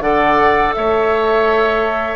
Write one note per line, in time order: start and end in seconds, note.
0.00 0.72 D3
0.00 2.16 A4
0.00 0.75 D5
0.00 0.73 F#5
0.74 2.16 A3
0.74 2.16 C#5
0.74 2.16 E5